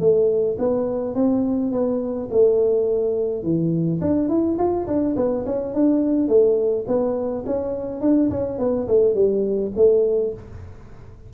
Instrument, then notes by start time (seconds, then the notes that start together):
tuba
0.00 A3
0.59 B3
1.15 C4
1.72 B3
2.31 A3
3.43 E3
4.01 D4
4.29 E4
4.58 F4
4.87 D4
5.16 B3
5.46 C#4
5.75 D4
6.28 A3
6.88 B3
7.46 C#4
8.01 D4
8.30 C#4
8.59 B3
8.88 A3
9.15 G3
9.76 A3